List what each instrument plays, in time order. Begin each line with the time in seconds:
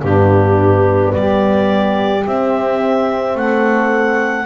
0.00 double bass G2, horn B3, saxophone D4, clarinet G4
1.12 double bass G3, saxophone G4, clarinet D5
2.26 double bass C4, horn C4, clarinet E5
3.35 double bass A3, saxophone A4, clarinet F#5